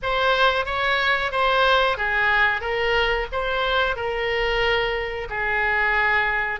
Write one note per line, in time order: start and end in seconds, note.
0.02 0.65 C5
0.65 1.31 C#5
1.31 1.97 C5
1.97 2.60 G#4
2.60 3.26 A#4
3.32 3.96 C5
3.96 5.27 A#4
5.29 6.59 G#4